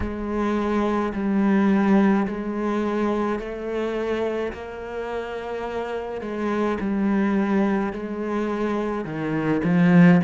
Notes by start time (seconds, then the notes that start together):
0.00 G#3
1.13 G3
2.27 G#3
3.39 A3
4.52 A#3
6.21 G#3
6.80 G3
7.92 G#3
9.04 D#3
9.64 F3